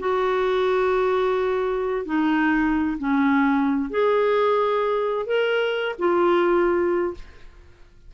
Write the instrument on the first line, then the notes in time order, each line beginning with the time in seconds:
clarinet
0.00 F#4
2.06 D#4
2.99 C#4
3.91 G#4
5.27 A#4
5.99 F4